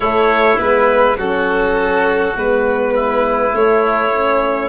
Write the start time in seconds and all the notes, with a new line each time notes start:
0.00 A3 E4 C#5
0.57 G#3 B3 B4
1.16 F#3 C#4 F#4 A4
2.35 G#3 B3 B4
2.95 E4
3.52 A3 C#5
4.12 C#4